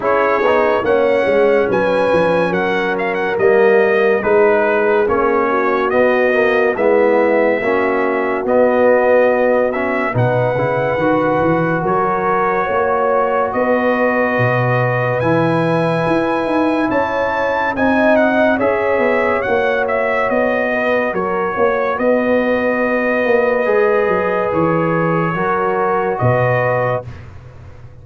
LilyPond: <<
  \new Staff \with { instrumentName = "trumpet" } { \time 4/4 \tempo 4 = 71 cis''4 fis''4 gis''4 fis''8 f''16 fis''16 | dis''4 b'4 cis''4 dis''4 | e''2 dis''4. e''8 | fis''2 cis''2 |
dis''2 gis''2 | a''4 gis''8 fis''8 e''4 fis''8 e''8 | dis''4 cis''4 dis''2~ | dis''4 cis''2 dis''4 | }
  \new Staff \with { instrumentName = "horn" } { \time 4/4 gis'4 cis''4 b'4 ais'4~ | ais'4 gis'4. fis'4. | e'4 fis'2. | b'2 ais'4 cis''4 |
b'1 | cis''4 dis''4 cis''2~ | cis''8 b'8 ais'8 cis''8 b'2~ | b'2 ais'4 b'4 | }
  \new Staff \with { instrumentName = "trombone" } { \time 4/4 e'8 dis'8 cis'2. | ais4 dis'4 cis'4 b8 ais8 | b4 cis'4 b4. cis'8 | dis'8 e'8 fis'2.~ |
fis'2 e'2~ | e'4 dis'4 gis'4 fis'4~ | fis'1 | gis'2 fis'2 | }
  \new Staff \with { instrumentName = "tuba" } { \time 4/4 cis'8 b8 ais8 gis8 fis8 f8 fis4 | g4 gis4 ais4 b4 | gis4 ais4 b2 | b,8 cis8 dis8 e8 fis4 ais4 |
b4 b,4 e4 e'8 dis'8 | cis'4 c'4 cis'8 b8 ais4 | b4 fis8 ais8 b4. ais8 | gis8 fis8 e4 fis4 b,4 | }
>>